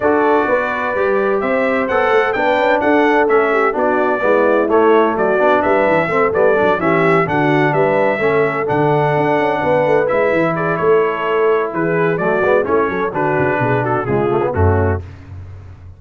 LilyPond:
<<
  \new Staff \with { instrumentName = "trumpet" } { \time 4/4 \tempo 4 = 128 d''2. e''4 | fis''4 g''4 fis''4 e''4 | d''2 cis''4 d''4 | e''4. d''4 e''4 fis''8~ |
fis''8 e''2 fis''4.~ | fis''4. e''4 d''8 cis''4~ | cis''4 b'4 d''4 cis''4 | b'4. a'8 gis'4 fis'4 | }
  \new Staff \with { instrumentName = "horn" } { \time 4/4 a'4 b'2 c''4~ | c''4 b'4 a'4. g'8 | fis'4 e'2 fis'4 | b'4 a'4. g'4 fis'8~ |
fis'8 b'4 a'2~ a'8~ | a'8 b'2 gis'8 a'4~ | a'4 gis'4 fis'4 e'8 a'8 | fis'4 gis'8 fis'8 f'4 cis'4 | }
  \new Staff \with { instrumentName = "trombone" } { \time 4/4 fis'2 g'2 | a'4 d'2 cis'4 | d'4 b4 a4. d'8~ | d'4 c'8 b8 d'8 cis'4 d'8~ |
d'4. cis'4 d'4.~ | d'4. e'2~ e'8~ | e'2 a8 b8 cis'4 | d'2 gis8 a16 b16 a4 | }
  \new Staff \with { instrumentName = "tuba" } { \time 4/4 d'4 b4 g4 c'4 | b8 a8 b8 cis'8 d'4 a4 | b4 gis4 a4 fis8 b8 | g8 e8 a8 g8 fis8 e4 d8~ |
d8 g4 a4 d4 d'8 | cis'8 b8 a8 gis8 e4 a4~ | a4 e4 fis8 gis8 a8 fis8 | d8 cis8 b,4 cis4 fis,4 | }
>>